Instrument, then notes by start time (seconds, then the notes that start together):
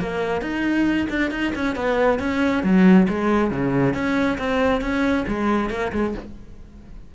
cello
0.00 A#3
0.42 D#4
1.10 D4
1.31 D#4
1.55 C#4
1.76 B3
2.19 C#4
2.63 F#3
3.09 G#3
3.51 C#3
3.94 C#4
4.38 C4
4.81 C#4
5.28 G#3
5.70 A#3
5.92 G#3